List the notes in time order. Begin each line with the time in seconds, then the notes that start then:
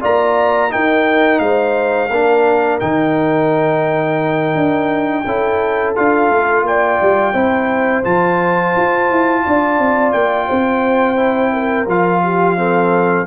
0.00 A#3 F4 D5 A#5
0.70 D#4 A#4 G5
1.39 G#3 C5 F5
2.10 A#3 D4 A#4
2.79 D#3 D#4 G5
4.55 D4
5.25 C#4 E4 A4
5.95 D4 F4 F5
6.30 A3
6.62 A#3 D5 G5
7.01 G3
7.33 C4 E4 C5
8.03 F3 F4 A5
8.76 F4
9.10 E4
9.45 D4 D5
9.78 C4
10.12 A#3 G5
10.47 C4 C5
11.16 E4
11.53 A#4
11.87 F3 F4 F5
12.23 G4
12.57 C4 A4